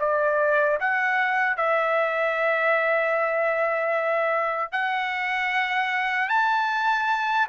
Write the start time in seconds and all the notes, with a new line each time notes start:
0.00 D5
0.80 F#5
1.57 E5
4.73 F#5
6.29 A5